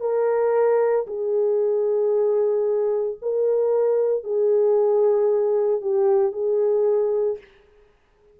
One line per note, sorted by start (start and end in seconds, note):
0.00 1.05 A#4
1.07 3.18 G#4
3.22 4.24 A#4
4.24 5.81 G#4
5.81 6.32 G4
6.32 7.37 G#4